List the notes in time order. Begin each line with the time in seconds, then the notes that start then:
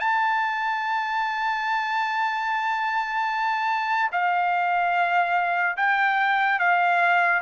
0.00 A5
4.12 F5
5.77 G5
6.60 F5